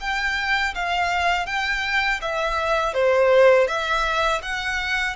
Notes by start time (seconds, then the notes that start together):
0.00 G5
0.74 F5
1.46 G5
2.21 E5
2.94 C5
3.67 E5
4.42 F#5